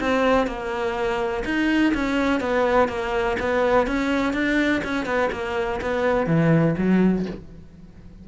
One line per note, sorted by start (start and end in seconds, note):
0.00 0.46 C4
0.46 1.43 A#3
1.45 1.93 D#4
1.94 2.40 C#4
2.40 2.88 B3
2.88 3.36 A#3
3.39 3.87 B3
3.87 4.33 C#4
4.33 4.81 D4
4.84 5.05 C#4
5.05 5.29 B3
5.32 5.80 A#3
5.81 6.26 B3
6.26 6.75 E3
6.77 7.26 F#3